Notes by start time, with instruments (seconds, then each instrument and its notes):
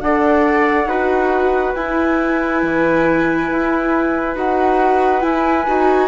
0.00 bassoon D4, viola A4, trumpet D5, flute F#5
0.86 bassoon D#4, viola F#4, trumpet B4
1.74 bassoon E4, viola E4, flute G#5
2.62 bassoon E3
3.50 bassoon E4
4.36 bassoon D#4, viola F#4, flute F#5
5.21 viola E4, bassoon E4, flute G#5
5.67 bassoon D#4, viola F#4